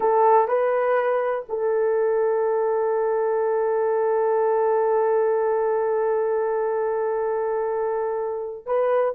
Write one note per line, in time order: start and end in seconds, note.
0.00 0.47 A4
0.47 1.45 B4
1.49 8.66 A4
8.66 9.14 B4